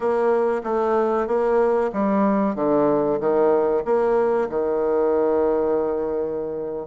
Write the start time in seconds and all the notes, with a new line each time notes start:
0.00 A#3
0.63 A3
1.27 A#3
1.92 G3
2.55 D3
3.19 D#3
3.84 A#3
4.49 D#3